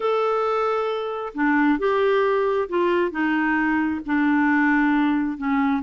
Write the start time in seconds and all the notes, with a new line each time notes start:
0.00 A4
1.34 D4
1.78 G4
2.68 F4
3.11 D#4
4.05 D4
5.37 C#4